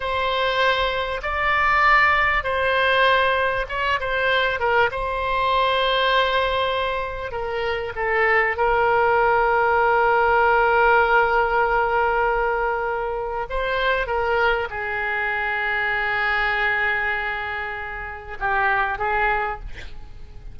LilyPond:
\new Staff \with { instrumentName = "oboe" } { \time 4/4 \tempo 4 = 98 c''2 d''2 | c''2 cis''8 c''4 ais'8 | c''1 | ais'4 a'4 ais'2~ |
ais'1~ | ais'2 c''4 ais'4 | gis'1~ | gis'2 g'4 gis'4 | }